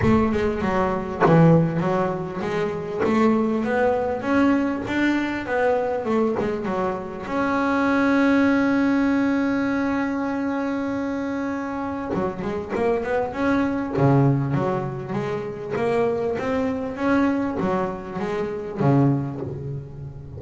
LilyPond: \new Staff \with { instrumentName = "double bass" } { \time 4/4 \tempo 4 = 99 a8 gis8 fis4 e4 fis4 | gis4 a4 b4 cis'4 | d'4 b4 a8 gis8 fis4 | cis'1~ |
cis'1 | fis8 gis8 ais8 b8 cis'4 cis4 | fis4 gis4 ais4 c'4 | cis'4 fis4 gis4 cis4 | }